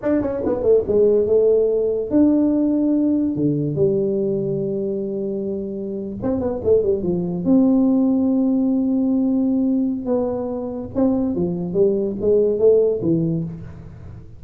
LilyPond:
\new Staff \with { instrumentName = "tuba" } { \time 4/4 \tempo 4 = 143 d'8 cis'8 b8 a8 gis4 a4~ | a4 d'2. | d4 g2.~ | g2~ g8. c'8 b8 a16~ |
a16 g8 f4 c'2~ c'16~ | c'1 | b2 c'4 f4 | g4 gis4 a4 e4 | }